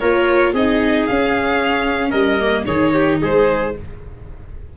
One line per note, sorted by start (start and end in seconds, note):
0.00 0.54 A#3
0.00 0.56 F4
0.00 0.54 A#4
0.00 0.53 C#5
0.54 1.07 C4
0.54 1.10 D#4
0.54 2.11 G#4
0.54 1.07 D#5
1.07 2.13 C#4
1.07 2.40 C#4
1.07 2.11 F5
2.11 2.66 G3
2.11 2.64 A#4
2.11 2.64 D#5
2.40 2.66 A#3
2.66 3.20 D#3
2.66 3.72 D#4
2.66 2.94 G#4
2.66 3.19 C#5
2.94 3.21 G4
3.22 3.76 G#3
3.22 3.75 G#4
3.22 3.78 C5